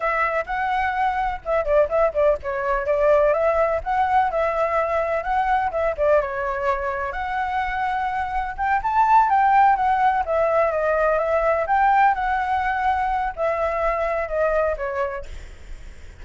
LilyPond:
\new Staff \with { instrumentName = "flute" } { \time 4/4 \tempo 4 = 126 e''4 fis''2 e''8 d''8 | e''8 d''8 cis''4 d''4 e''4 | fis''4 e''2 fis''4 | e''8 d''8 cis''2 fis''4~ |
fis''2 g''8 a''4 g''8~ | g''8 fis''4 e''4 dis''4 e''8~ | e''8 g''4 fis''2~ fis''8 | e''2 dis''4 cis''4 | }